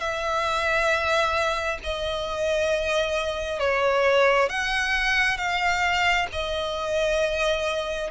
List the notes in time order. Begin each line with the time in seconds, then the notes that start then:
0.00 E5
1.84 D#5
3.59 C#5
4.49 F#5
5.37 F5
6.32 D#5